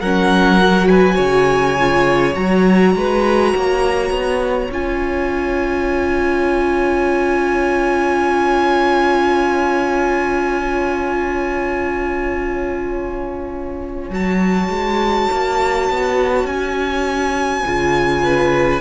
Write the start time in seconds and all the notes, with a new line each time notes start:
0.00 F#3 C#4 A#4 F#5
0.60 F#4
0.87 B4 G#5
1.15 C#3 C#5
1.79 F4
2.34 F#3 F#4 A#5
2.95 G#3 B4
3.55 A#3 C#5
4.10 B3
4.70 C#4 F4 G#5
14.10 F#3 F#4 A5
14.69 G#3
15.32 A#3
15.90 B3
16.45 C#4 G#5
17.65 C#3 F4
18.23 B4